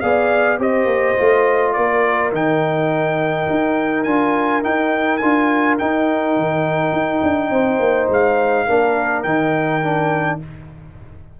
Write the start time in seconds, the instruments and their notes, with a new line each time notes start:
0.00 tuba B3, trombone G#4, horn D5, trumpet F5
0.58 tuba C4, trombone G4, horn C5, trumpet D#5
0.85 tuba A#3
1.16 tuba A3, trombone F4
1.72 tuba A#3, horn A#4, trumpet D5
2.31 tuba D#3, trombone D#4, trumpet G5
3.50 tuba D#4
4.03 tuba D4, trombone F4, trumpet G#5
4.62 trombone D#4, tuba D#4, trumpet G5
5.17 tuba D4, trombone F4, trumpet G#5
5.78 trombone D#4, tuba D#4, trumpet G5
6.36 tuba D#3
6.92 tuba D#4
7.22 tuba D4
7.49 tuba C4, horn C5
7.79 tuba A#3
8.08 tuba G#3, trumpet F5
8.66 tuba A#3, trombone D4, horn A#4
9.22 tuba D#3, trombone D#4, trumpet G5
9.82 trombone D4